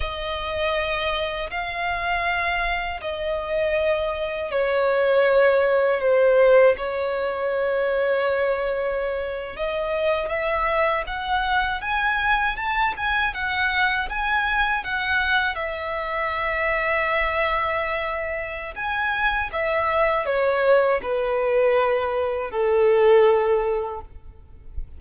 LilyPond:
\new Staff \with { instrumentName = "violin" } { \time 4/4 \tempo 4 = 80 dis''2 f''2 | dis''2 cis''2 | c''4 cis''2.~ | cis''8. dis''4 e''4 fis''4 gis''16~ |
gis''8. a''8 gis''8 fis''4 gis''4 fis''16~ | fis''8. e''2.~ e''16~ | e''4 gis''4 e''4 cis''4 | b'2 a'2 | }